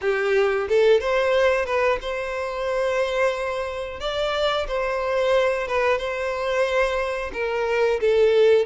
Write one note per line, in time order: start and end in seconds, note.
0.01 0.68 G4
0.68 1.00 A4
1.00 1.65 C5
1.65 1.98 B4
2.01 4.00 C5
4.00 4.66 D5
4.67 5.67 C5
5.67 5.98 B4
5.98 7.31 C5
7.33 8.00 A#4
8.00 8.65 A4